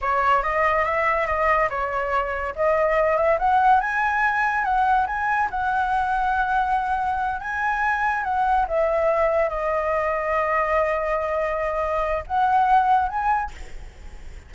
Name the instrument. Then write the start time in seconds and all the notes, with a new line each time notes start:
flute
0.01 C#5
0.42 D#5
0.85 E5
1.26 D#5
1.69 C#5
2.55 D#5
3.17 E5
3.38 F#5
3.80 G#5
4.64 F#5
5.06 G#5
5.50 F#5
7.40 G#5
8.23 F#5
8.68 E5
9.49 D#5
12.27 F#5
13.09 G#5